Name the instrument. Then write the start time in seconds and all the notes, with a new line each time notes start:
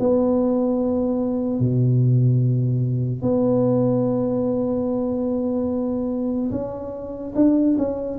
tuba
0.00 B3
1.60 B2
3.22 B3
6.52 C#4
7.35 D4
7.78 C#4